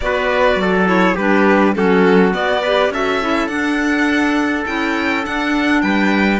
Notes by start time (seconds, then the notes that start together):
0.00 B3 F#4 B4 D5
0.55 F#3 A4
0.86 E4 C#5
1.15 G3 D4 G4 B4
1.74 F#3 C#4 F#4 A4
2.31 B3 D5
2.62 G4 B4
2.89 C#4 F#4 A4 E5
3.21 E4
3.47 D4 F#5
4.66 C#4 E4 G5
5.23 D4 F#5
5.81 G3 B4 G5